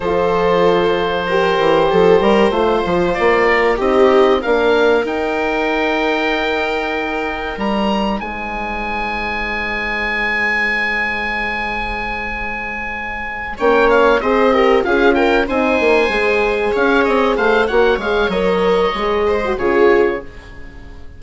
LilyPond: <<
  \new Staff \with { instrumentName = "oboe" } { \time 4/4 \tempo 4 = 95 c''1~ | c''4 d''4 dis''4 f''4 | g''1 | ais''4 gis''2.~ |
gis''1~ | gis''4. g''8 f''8 dis''4 f''8 | g''8 gis''2 f''8 dis''8 f''8 | fis''8 f''8 dis''2 cis''4 | }
  \new Staff \with { instrumentName = "viola" } { \time 4/4 a'2 ais'4 a'8 ais'8 | c''4. ais'8 g'4 ais'4~ | ais'1~ | ais'4 c''2.~ |
c''1~ | c''4. cis''4 c''8 ais'8 gis'8 | ais'8 c''2 cis''4 c''8 | cis''2~ cis''8 c''8 gis'4 | }
  \new Staff \with { instrumentName = "horn" } { \time 4/4 f'2 g'2 | f'2 dis'4 d'4 | dis'1~ | dis'1~ |
dis'1~ | dis'4. cis'4 gis'8 g'8 f'8~ | f'8 dis'4 gis'2~ gis'8 | fis'8 gis'8 ais'4 gis'8. fis'16 f'4 | }
  \new Staff \with { instrumentName = "bassoon" } { \time 4/4 f2~ f8 e8 f8 g8 | a8 f8 ais4 c'4 ais4 | dis'1 | g4 gis2.~ |
gis1~ | gis4. ais4 c'4 cis'8~ | cis'8 c'8 ais8 gis4 cis'8 c'8 a8 | ais8 gis8 fis4 gis4 cis4 | }
>>